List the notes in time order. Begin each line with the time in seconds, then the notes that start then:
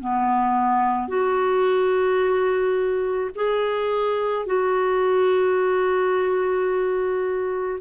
0.00 B3
1.08 F#4
3.35 G#4
4.45 F#4